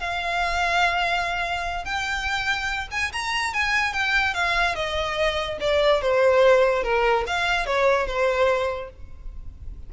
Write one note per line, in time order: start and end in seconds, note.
0.00 1.85 F5
1.85 2.88 G5
2.91 3.12 G#5
3.13 3.54 A#5
3.54 3.93 G#5
3.93 4.34 G5
4.34 4.75 F5
4.75 5.58 D#5
5.61 6.02 D5
6.02 6.83 C5
6.83 7.25 A#4
7.27 7.66 F5
7.66 8.07 C#5
8.07 8.90 C5